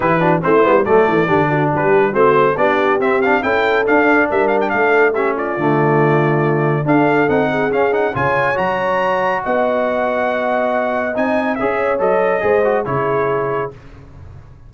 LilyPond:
<<
  \new Staff \with { instrumentName = "trumpet" } { \time 4/4 \tempo 4 = 140 b'4 c''4 d''2 | b'4 c''4 d''4 e''8 f''8 | g''4 f''4 e''8 f''16 g''16 f''4 | e''8 d''2.~ d''8 |
f''4 fis''4 f''8 fis''8 gis''4 | ais''2 fis''2~ | fis''2 gis''4 e''4 | dis''2 cis''2 | }
  \new Staff \with { instrumentName = "horn" } { \time 4/4 g'8 fis'8 e'4 a'4 g'8 fis'8 | g'4 fis'4 g'2 | a'2 ais'4 a'4 | g'8 f'2.~ f'8 |
a'4. gis'4. cis''4~ | cis''2 dis''2~ | dis''2. cis''4~ | cis''4 c''4 gis'2 | }
  \new Staff \with { instrumentName = "trombone" } { \time 4/4 e'8 d'8 c'8 b8 a4 d'4~ | d'4 c'4 d'4 c'8 d'8 | e'4 d'2. | cis'4 a2. |
d'4 dis'4 cis'8 dis'8 f'4 | fis'1~ | fis'2 dis'4 gis'4 | a'4 gis'8 fis'8 e'2 | }
  \new Staff \with { instrumentName = "tuba" } { \time 4/4 e4 a8 g8 fis8 e8 d4 | g4 a4 b4 c'4 | cis'4 d'4 g4 a4~ | a4 d2. |
d'4 c'4 cis'4 cis4 | fis2 b2~ | b2 c'4 cis'4 | fis4 gis4 cis2 | }
>>